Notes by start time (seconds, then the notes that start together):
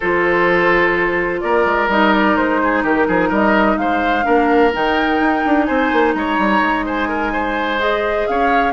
0.00 F3 F4 A4 C5
1.40 A#3 A#4 D5
1.65 G#3
1.88 G3 D#4 D#5
2.13 D5
2.36 G#3 C5
2.63 G#4
2.83 D#3 G4 A#4
3.08 F3 G#4
3.28 G3 A#4 D#5
3.76 G#3 C5 F5
4.23 A#3 D4 A#4
4.72 D#3 D#4 G5
5.19 D#4
5.45 D4
5.65 C4 C5 G#5
5.92 A#3
6.14 G#3 C#5 A#5
6.38 G3
6.60 G#3
6.85 C5 G#5
7.08 A#4
7.33 C5
7.78 G#4 D#5
8.26 C#4 C#5 F5